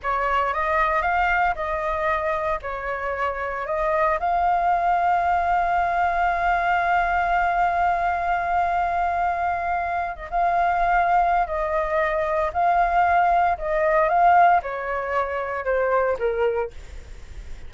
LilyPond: \new Staff \with { instrumentName = "flute" } { \time 4/4 \tempo 4 = 115 cis''4 dis''4 f''4 dis''4~ | dis''4 cis''2 dis''4 | f''1~ | f''1~ |
f''2.~ f''8 dis''16 f''16~ | f''2 dis''2 | f''2 dis''4 f''4 | cis''2 c''4 ais'4 | }